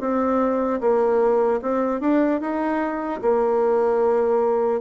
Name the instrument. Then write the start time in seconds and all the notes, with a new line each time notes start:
bassoon
0.00 C4
0.81 A#3
1.62 C4
2.01 D4
2.40 D#4
3.22 A#3